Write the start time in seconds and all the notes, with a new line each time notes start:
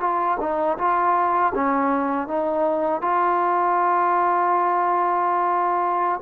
0.00 F4
0.40 D#4
0.77 F4
1.54 C#4
2.27 D#4
3.01 F4